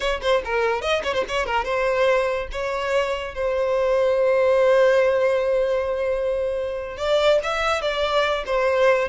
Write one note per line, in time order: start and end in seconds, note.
0.00 0.21 C#5
0.21 0.42 C5
0.45 0.81 A#4
0.81 1.02 D#5
1.03 1.14 C#5
1.14 1.24 C5
1.28 1.46 C#5
1.46 1.64 A#4
1.64 2.48 C5
2.51 3.34 C#5
3.34 6.97 C5
6.97 7.39 D5
7.43 7.81 E5
7.81 8.44 D5
8.46 9.08 C5